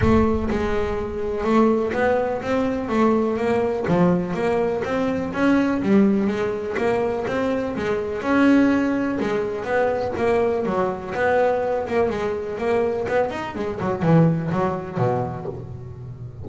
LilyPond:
\new Staff \with { instrumentName = "double bass" } { \time 4/4 \tempo 4 = 124 a4 gis2 a4 | b4 c'4 a4 ais4 | f4 ais4 c'4 cis'4 | g4 gis4 ais4 c'4 |
gis4 cis'2 gis4 | b4 ais4 fis4 b4~ | b8 ais8 gis4 ais4 b8 dis'8 | gis8 fis8 e4 fis4 b,4 | }